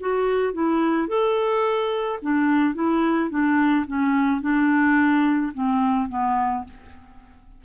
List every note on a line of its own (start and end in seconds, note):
0.00 0.53 F#4
0.53 1.08 E4
1.08 2.19 A4
2.22 2.74 D4
2.74 3.30 E4
3.30 3.85 D4
3.87 4.41 C#4
4.41 5.52 D4
5.53 6.09 C4
6.09 6.64 B3